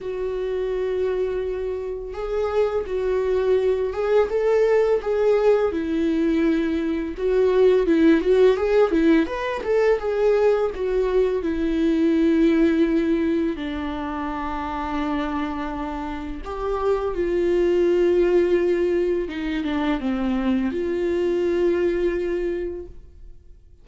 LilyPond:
\new Staff \with { instrumentName = "viola" } { \time 4/4 \tempo 4 = 84 fis'2. gis'4 | fis'4. gis'8 a'4 gis'4 | e'2 fis'4 e'8 fis'8 | gis'8 e'8 b'8 a'8 gis'4 fis'4 |
e'2. d'4~ | d'2. g'4 | f'2. dis'8 d'8 | c'4 f'2. | }